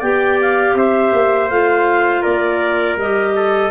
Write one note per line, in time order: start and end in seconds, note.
0.00 0.75 B3
0.00 1.51 G4
0.00 0.74 D5
0.00 0.39 G5
0.42 0.77 F5
0.75 1.12 C4
0.75 2.22 C5
0.75 1.49 E5
1.13 1.50 A#3
1.49 2.25 A3
1.49 2.99 F4
1.49 2.23 F5
2.22 2.97 A#3
2.22 3.33 A#4
2.22 2.97 D5
2.97 3.71 G3
2.97 3.71 G4
2.97 3.71 D#5
3.36 3.71 A4